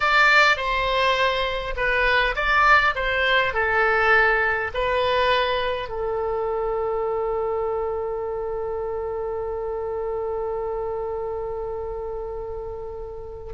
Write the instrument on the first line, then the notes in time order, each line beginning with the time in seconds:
oboe
0.00 D5
0.56 C5
1.76 B4
2.35 D5
2.95 C5
3.53 A4
4.74 B4
5.89 A4